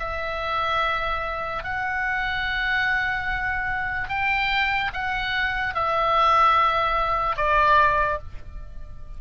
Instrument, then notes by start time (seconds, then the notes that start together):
oboe
0.00 E5
1.64 F#5
4.09 G5
4.94 F#5
5.75 E5
7.36 D5